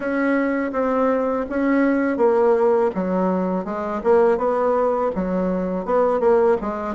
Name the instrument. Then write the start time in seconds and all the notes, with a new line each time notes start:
bassoon
0.00 C#4
0.72 C4
1.49 C#4
2.17 A#3
2.95 F#3
3.64 G#3
4.03 A#3
4.37 B3
5.15 F#3
5.85 B3
6.20 A#3
6.61 G#3